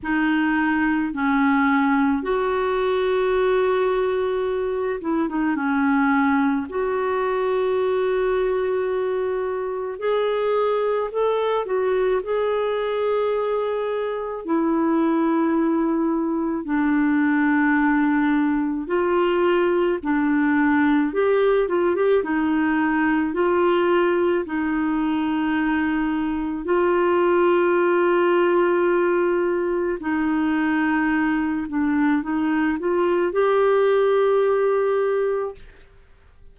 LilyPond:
\new Staff \with { instrumentName = "clarinet" } { \time 4/4 \tempo 4 = 54 dis'4 cis'4 fis'2~ | fis'8 e'16 dis'16 cis'4 fis'2~ | fis'4 gis'4 a'8 fis'8 gis'4~ | gis'4 e'2 d'4~ |
d'4 f'4 d'4 g'8 f'16 g'16 | dis'4 f'4 dis'2 | f'2. dis'4~ | dis'8 d'8 dis'8 f'8 g'2 | }